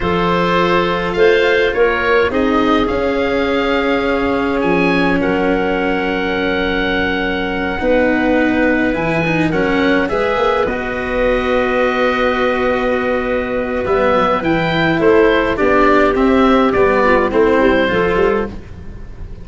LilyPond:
<<
  \new Staff \with { instrumentName = "oboe" } { \time 4/4 \tempo 4 = 104 c''2 f''4 cis''4 | dis''4 f''2. | gis''4 fis''2.~ | fis''2.~ fis''8 gis''8~ |
gis''8 fis''4 e''4 dis''4.~ | dis''1 | e''4 g''4 c''4 d''4 | e''4 d''4 c''2 | }
  \new Staff \with { instrumentName = "clarinet" } { \time 4/4 a'2 c''4 ais'4 | gis'1~ | gis'4 ais'2.~ | ais'4. b'2~ b'8~ |
b'8 ais'4 b'2~ b'8~ | b'1~ | b'2 a'4 g'4~ | g'4. f'8 e'4 a'4 | }
  \new Staff \with { instrumentName = "cello" } { \time 4/4 f'1 | dis'4 cis'2.~ | cis'1~ | cis'4. dis'2 e'8 |
dis'8 cis'4 gis'4 fis'4.~ | fis'1 | b4 e'2 d'4 | c'4 b4 c'4 f'4 | }
  \new Staff \with { instrumentName = "tuba" } { \time 4/4 f2 a4 ais4 | c'4 cis'2. | f4 fis2.~ | fis4. b2 e8~ |
e8 fis4 gis8 ais8 b4.~ | b1 | g8 fis8 e4 a4 b4 | c'4 g4 a8 g8 f8 g8 | }
>>